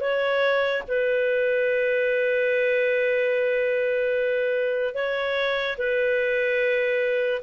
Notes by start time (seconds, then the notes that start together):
0.00 C#5
0.87 B4
4.94 C#5
5.77 B4